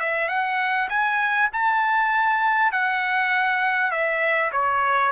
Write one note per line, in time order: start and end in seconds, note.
0.00 0.29 E5
0.29 0.89 F#5
0.89 1.49 G#5
1.53 2.72 A5
2.72 3.92 F#5
3.92 4.52 E5
4.52 5.12 C#5